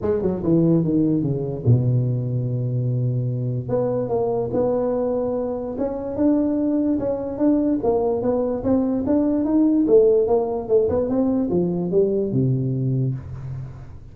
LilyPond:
\new Staff \with { instrumentName = "tuba" } { \time 4/4 \tempo 4 = 146 gis8 fis8 e4 dis4 cis4 | b,1~ | b,4 b4 ais4 b4~ | b2 cis'4 d'4~ |
d'4 cis'4 d'4 ais4 | b4 c'4 d'4 dis'4 | a4 ais4 a8 b8 c'4 | f4 g4 c2 | }